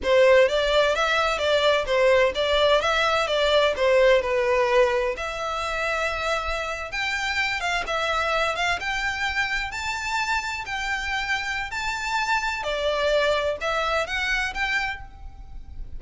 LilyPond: \new Staff \with { instrumentName = "violin" } { \time 4/4 \tempo 4 = 128 c''4 d''4 e''4 d''4 | c''4 d''4 e''4 d''4 | c''4 b'2 e''4~ | e''2~ e''8. g''4~ g''16~ |
g''16 f''8 e''4. f''8 g''4~ g''16~ | g''8. a''2 g''4~ g''16~ | g''4 a''2 d''4~ | d''4 e''4 fis''4 g''4 | }